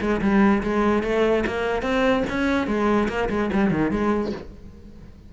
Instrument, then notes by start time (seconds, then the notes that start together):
cello
0.00 G#3
0.21 G3
0.63 G#3
1.03 A3
1.46 A#3
1.82 C4
2.29 C#4
2.67 G#3
3.08 A#3
3.29 G#3
3.53 G3
3.70 D#3
3.91 G#3